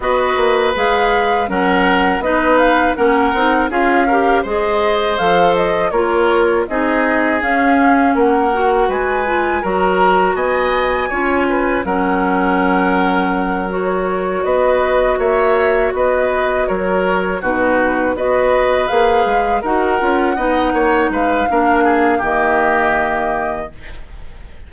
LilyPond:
<<
  \new Staff \with { instrumentName = "flute" } { \time 4/4 \tempo 4 = 81 dis''4 f''4 fis''4 dis''8 f''8 | fis''4 f''4 dis''4 f''8 dis''8 | cis''4 dis''4 f''4 fis''4 | gis''4 ais''4 gis''2 |
fis''2~ fis''8 cis''4 dis''8~ | dis''8 e''4 dis''4 cis''4 b'8~ | b'8 dis''4 f''4 fis''4.~ | fis''8 f''4. dis''2 | }
  \new Staff \with { instrumentName = "oboe" } { \time 4/4 b'2 ais'4 b'4 | ais'4 gis'8 ais'8 c''2 | ais'4 gis'2 ais'4 | b'4 ais'4 dis''4 cis''8 b'8 |
ais'2.~ ais'8 b'8~ | b'8 cis''4 b'4 ais'4 fis'8~ | fis'8 b'2 ais'4 dis''8 | cis''8 b'8 ais'8 gis'8 g'2 | }
  \new Staff \with { instrumentName = "clarinet" } { \time 4/4 fis'4 gis'4 cis'4 dis'4 | cis'8 dis'8 f'8 g'8 gis'4 a'4 | f'4 dis'4 cis'4. fis'8~ | fis'8 f'8 fis'2 f'4 |
cis'2~ cis'8 fis'4.~ | fis'2.~ fis'8 dis'8~ | dis'8 fis'4 gis'4 fis'8 f'8 dis'8~ | dis'4 d'4 ais2 | }
  \new Staff \with { instrumentName = "bassoon" } { \time 4/4 b8 ais8 gis4 fis4 b4 | ais8 c'8 cis'4 gis4 f4 | ais4 c'4 cis'4 ais4 | gis4 fis4 b4 cis'4 |
fis2.~ fis8 b8~ | b8 ais4 b4 fis4 b,8~ | b,8 b4 ais8 gis8 dis'8 cis'8 b8 | ais8 gis8 ais4 dis2 | }
>>